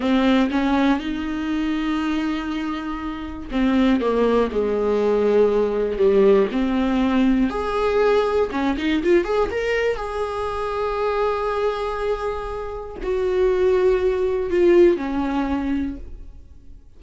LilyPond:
\new Staff \with { instrumentName = "viola" } { \time 4/4 \tempo 4 = 120 c'4 cis'4 dis'2~ | dis'2. c'4 | ais4 gis2. | g4 c'2 gis'4~ |
gis'4 cis'8 dis'8 f'8 gis'8 ais'4 | gis'1~ | gis'2 fis'2~ | fis'4 f'4 cis'2 | }